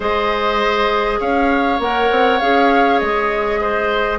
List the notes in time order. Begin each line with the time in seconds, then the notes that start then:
0.00 G#3 G#4 C5 D#5
1.20 C#4 C#5 F5
1.79 A#3 A#4 F#5
2.10 C4
2.39 C#4 G#4 F5
2.99 G#3 D#5
3.60 C5